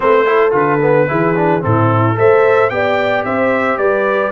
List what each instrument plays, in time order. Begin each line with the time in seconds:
0.00 tuba A3, trombone C4, horn B4, trumpet C5
0.26 trombone E4, horn A4
0.51 tuba D3, trombone F4, trumpet B4
0.81 trombone B3
1.08 tuba E3, trombone E4, horn G#4
1.35 trombone D4
1.60 tuba A2, trombone C4, horn E4, trumpet A4
2.14 tuba A3, trombone A4, horn C5, trumpet E5
2.69 tuba B3, trombone G4, horn D5, trumpet G5
3.24 tuba C4, horn C5, trumpet E5
3.77 tuba G3, horn B4, trumpet D5